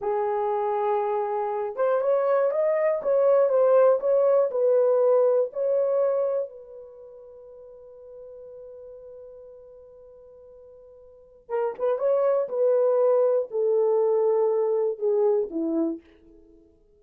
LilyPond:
\new Staff \with { instrumentName = "horn" } { \time 4/4 \tempo 4 = 120 gis'2.~ gis'8 c''8 | cis''4 dis''4 cis''4 c''4 | cis''4 b'2 cis''4~ | cis''4 b'2.~ |
b'1~ | b'2. ais'8 b'8 | cis''4 b'2 a'4~ | a'2 gis'4 e'4 | }